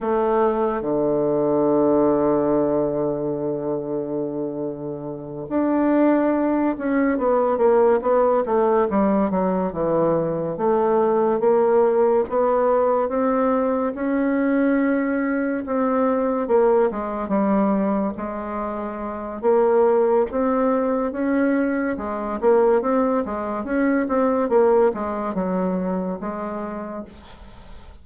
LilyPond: \new Staff \with { instrumentName = "bassoon" } { \time 4/4 \tempo 4 = 71 a4 d2.~ | d2~ d8 d'4. | cis'8 b8 ais8 b8 a8 g8 fis8 e8~ | e8 a4 ais4 b4 c'8~ |
c'8 cis'2 c'4 ais8 | gis8 g4 gis4. ais4 | c'4 cis'4 gis8 ais8 c'8 gis8 | cis'8 c'8 ais8 gis8 fis4 gis4 | }